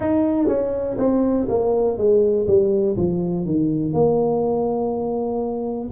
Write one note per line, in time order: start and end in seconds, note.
0.00 0.47 D#4
0.47 0.97 C#4
0.97 1.47 C4
1.48 1.97 A#3
1.97 2.46 G#3
2.47 2.96 G3
2.96 3.45 F3
3.45 3.93 D#3
3.93 5.90 A#3